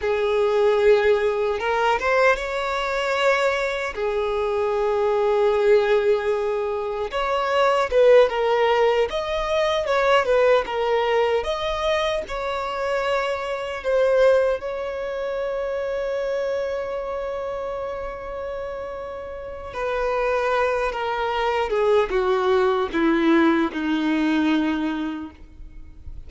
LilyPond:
\new Staff \with { instrumentName = "violin" } { \time 4/4 \tempo 4 = 76 gis'2 ais'8 c''8 cis''4~ | cis''4 gis'2.~ | gis'4 cis''4 b'8 ais'4 dis''8~ | dis''8 cis''8 b'8 ais'4 dis''4 cis''8~ |
cis''4. c''4 cis''4.~ | cis''1~ | cis''4 b'4. ais'4 gis'8 | fis'4 e'4 dis'2 | }